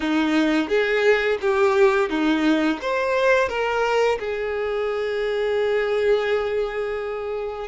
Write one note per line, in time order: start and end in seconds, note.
0.00 0.68 D#4
0.68 1.38 G#4
1.41 2.09 G4
2.09 2.79 D#4
2.81 3.49 C5
3.49 4.18 A#4
4.19 7.67 G#4